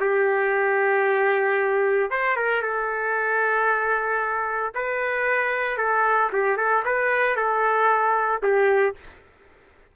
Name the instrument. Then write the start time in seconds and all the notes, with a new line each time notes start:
trumpet
0.00 G4
2.11 C5
2.36 A#4
2.62 A4
4.74 B4
5.78 A4
6.33 G4
6.57 A4
6.85 B4
7.36 A4
8.42 G4